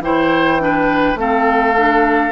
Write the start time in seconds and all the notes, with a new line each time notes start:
0.00 E3 E4 C5 G5
0.59 D4 B4
1.14 A3 C4 A4 F5
1.76 D4